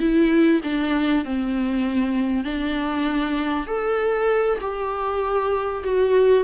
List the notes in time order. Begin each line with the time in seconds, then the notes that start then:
0.00 E4
0.64 D4
1.25 C4
2.45 D4
3.67 A4
4.61 G4
5.84 F#4